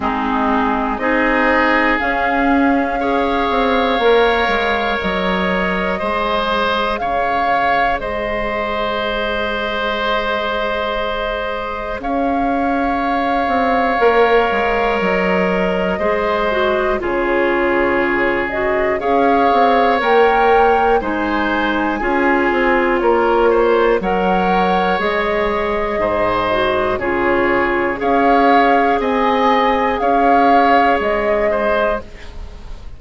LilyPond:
<<
  \new Staff \with { instrumentName = "flute" } { \time 4/4 \tempo 4 = 60 gis'4 dis''4 f''2~ | f''4 dis''2 f''4 | dis''1 | f''2. dis''4~ |
dis''4 cis''4. dis''8 f''4 | g''4 gis''2 cis''4 | fis''4 dis''2 cis''4 | f''4 gis''4 f''4 dis''4 | }
  \new Staff \with { instrumentName = "oboe" } { \time 4/4 dis'4 gis'2 cis''4~ | cis''2 c''4 cis''4 | c''1 | cis''1 |
c''4 gis'2 cis''4~ | cis''4 c''4 gis'4 ais'8 c''8 | cis''2 c''4 gis'4 | cis''4 dis''4 cis''4. c''8 | }
  \new Staff \with { instrumentName = "clarinet" } { \time 4/4 c'4 dis'4 cis'4 gis'4 | ais'2 gis'2~ | gis'1~ | gis'2 ais'2 |
gis'8 fis'8 f'4. fis'8 gis'4 | ais'4 dis'4 f'2 | ais'4 gis'4. fis'8 f'4 | gis'1 | }
  \new Staff \with { instrumentName = "bassoon" } { \time 4/4 gis4 c'4 cis'4. c'8 | ais8 gis8 fis4 gis4 cis4 | gis1 | cis'4. c'8 ais8 gis8 fis4 |
gis4 cis2 cis'8 c'8 | ais4 gis4 cis'8 c'8 ais4 | fis4 gis4 gis,4 cis4 | cis'4 c'4 cis'4 gis4 | }
>>